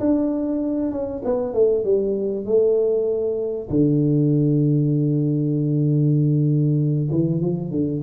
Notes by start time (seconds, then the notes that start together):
0.00 D4
0.92 C#4
1.25 B3
1.54 A3
1.85 G3
2.46 A3
3.70 D3
7.11 E3
7.41 F3
7.71 D3